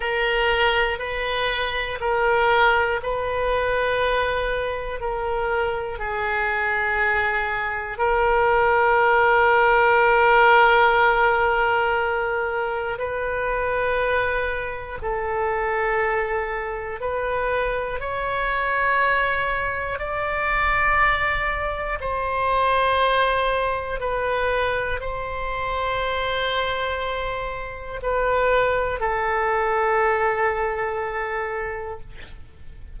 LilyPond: \new Staff \with { instrumentName = "oboe" } { \time 4/4 \tempo 4 = 60 ais'4 b'4 ais'4 b'4~ | b'4 ais'4 gis'2 | ais'1~ | ais'4 b'2 a'4~ |
a'4 b'4 cis''2 | d''2 c''2 | b'4 c''2. | b'4 a'2. | }